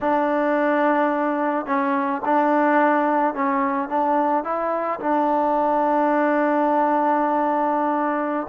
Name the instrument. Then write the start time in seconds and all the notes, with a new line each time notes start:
trombone
0.00 D4
1.66 C#4
2.25 D4
3.34 C#4
3.88 D4
4.44 E4
4.99 D4